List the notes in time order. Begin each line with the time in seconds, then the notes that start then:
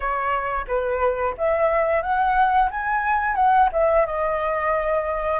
0.00 C#5
0.67 B4
1.37 E5
2.02 F#5
2.70 G#5
3.35 F#5
3.72 E5
4.06 D#5